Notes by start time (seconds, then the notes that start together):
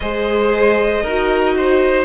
0.00 G#3 G#4 C5 D#5
1.02 D#4 F#4 A#4
1.57 C5